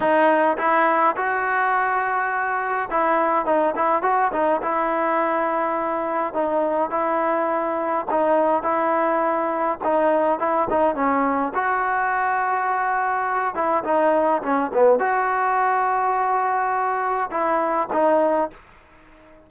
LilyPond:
\new Staff \with { instrumentName = "trombone" } { \time 4/4 \tempo 4 = 104 dis'4 e'4 fis'2~ | fis'4 e'4 dis'8 e'8 fis'8 dis'8 | e'2. dis'4 | e'2 dis'4 e'4~ |
e'4 dis'4 e'8 dis'8 cis'4 | fis'2.~ fis'8 e'8 | dis'4 cis'8 b8 fis'2~ | fis'2 e'4 dis'4 | }